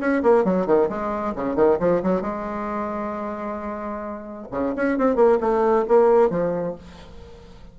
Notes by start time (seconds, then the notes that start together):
0.00 C#4
0.23 A#3
0.44 F#3
0.66 D#3
0.89 G#3
1.36 C#3
1.55 D#3
1.80 F3
2.03 F#3
2.22 G#3
4.51 C#3
4.76 C#4
4.98 C4
5.16 A#3
5.40 A3
5.88 A#3
6.30 F3